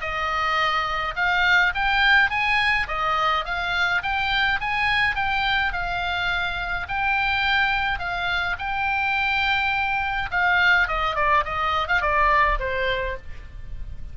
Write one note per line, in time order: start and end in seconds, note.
0.00 1.14 D#5
1.16 1.73 F5
1.74 2.30 G5
2.30 2.87 G#5
2.88 3.44 D#5
3.44 4.02 F5
4.02 4.59 G5
4.60 5.15 G#5
5.15 5.72 G5
5.72 6.86 F5
6.88 7.99 G5
7.99 8.56 F5
8.58 10.30 G5
10.31 10.87 F5
10.87 11.15 D#5
11.15 11.44 D5
11.44 11.87 D#5
11.88 12.01 F5
12.01 12.58 D5
12.59 13.16 C5